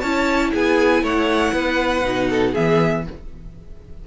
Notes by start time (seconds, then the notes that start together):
0.00 C#4 E4 C#5 A5
0.53 B3 G#4 G#5
1.02 A3 C#5 F#5
1.53 B3 B4
2.04 B2 D#4
2.30 A4
2.52 E3 B3 G#4 E5